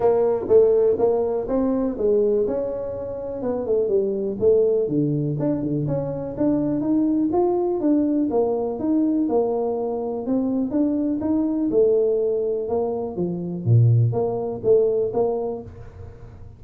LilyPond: \new Staff \with { instrumentName = "tuba" } { \time 4/4 \tempo 4 = 123 ais4 a4 ais4 c'4 | gis4 cis'2 b8 a8 | g4 a4 d4 d'8 d8 | cis'4 d'4 dis'4 f'4 |
d'4 ais4 dis'4 ais4~ | ais4 c'4 d'4 dis'4 | a2 ais4 f4 | ais,4 ais4 a4 ais4 | }